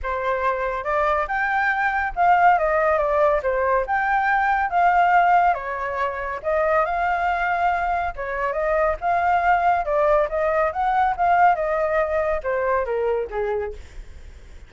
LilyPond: \new Staff \with { instrumentName = "flute" } { \time 4/4 \tempo 4 = 140 c''2 d''4 g''4~ | g''4 f''4 dis''4 d''4 | c''4 g''2 f''4~ | f''4 cis''2 dis''4 |
f''2. cis''4 | dis''4 f''2 d''4 | dis''4 fis''4 f''4 dis''4~ | dis''4 c''4 ais'4 gis'4 | }